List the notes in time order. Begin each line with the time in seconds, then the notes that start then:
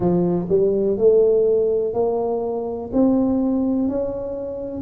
0.00 F3
0.49 G3
0.97 A3
1.94 A#3
2.93 C4
3.88 C#4